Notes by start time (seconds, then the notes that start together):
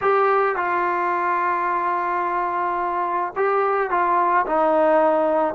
0.01 G4
0.56 F4
3.36 G4
3.90 F4
4.46 D#4